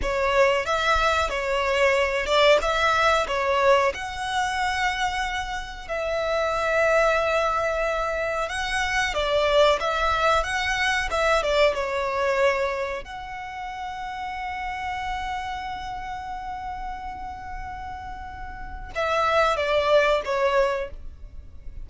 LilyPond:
\new Staff \with { instrumentName = "violin" } { \time 4/4 \tempo 4 = 92 cis''4 e''4 cis''4. d''8 | e''4 cis''4 fis''2~ | fis''4 e''2.~ | e''4 fis''4 d''4 e''4 |
fis''4 e''8 d''8 cis''2 | fis''1~ | fis''1~ | fis''4 e''4 d''4 cis''4 | }